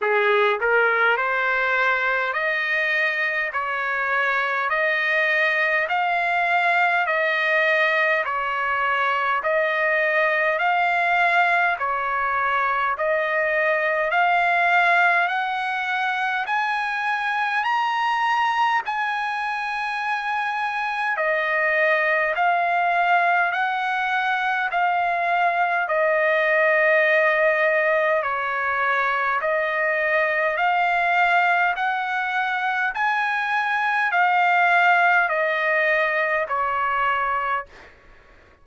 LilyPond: \new Staff \with { instrumentName = "trumpet" } { \time 4/4 \tempo 4 = 51 gis'8 ais'8 c''4 dis''4 cis''4 | dis''4 f''4 dis''4 cis''4 | dis''4 f''4 cis''4 dis''4 | f''4 fis''4 gis''4 ais''4 |
gis''2 dis''4 f''4 | fis''4 f''4 dis''2 | cis''4 dis''4 f''4 fis''4 | gis''4 f''4 dis''4 cis''4 | }